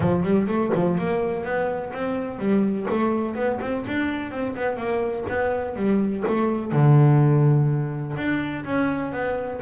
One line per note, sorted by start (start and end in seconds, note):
0.00 0.23 F3
0.23 0.47 G3
0.47 0.71 A3
0.74 0.97 F3
0.97 1.44 A#3
1.44 1.92 B3
1.93 2.38 C4
2.38 2.86 G3
2.90 3.35 A3
3.35 3.59 B3
3.60 3.84 C4
3.87 4.31 D4
4.31 4.55 C4
4.56 4.77 B3
4.77 5.25 A#3
5.29 5.76 B3
5.76 6.24 G3
6.27 6.72 A3
6.72 8.16 D3
8.16 8.64 D4
8.64 9.12 C#4
9.12 9.60 B3